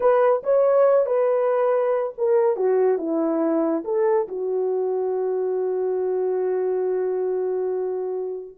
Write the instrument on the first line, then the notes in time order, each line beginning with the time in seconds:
horn
0.00 B4
0.43 C#5
1.05 B4
2.17 A#4
2.56 F#4
2.98 E4
3.84 A4
4.27 F#4